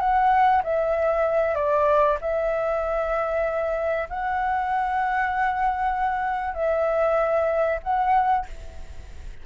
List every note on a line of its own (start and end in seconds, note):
0.00 0.62 F#5
0.64 1.55 E5
1.55 2.18 D5
2.21 4.09 E5
4.10 6.55 F#5
6.55 7.80 E5
7.84 8.46 F#5